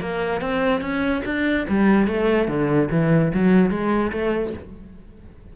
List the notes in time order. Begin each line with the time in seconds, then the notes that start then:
0.00 A#3
0.41 C4
0.81 C#4
1.25 D4
1.69 G3
2.07 A3
2.48 D3
2.91 E3
3.33 F#3
3.70 G#3
4.12 A3